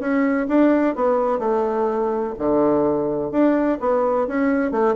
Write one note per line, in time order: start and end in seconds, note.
0.00 0.47 C#4
0.49 0.96 D4
0.96 1.39 B3
1.39 2.34 A3
2.39 3.32 D3
3.32 3.79 D4
3.80 4.28 B3
4.28 4.72 C#4
4.72 4.95 A3